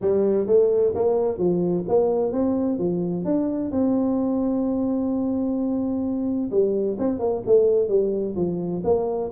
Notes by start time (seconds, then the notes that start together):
0.01 G3
0.46 A3
0.95 A#3
1.38 F3
1.88 A#3
2.32 C4
2.78 F3
3.25 D4
3.71 C4
6.50 G3
6.98 C4
7.19 A#3
7.46 A3
7.88 G3
8.35 F3
8.84 A#3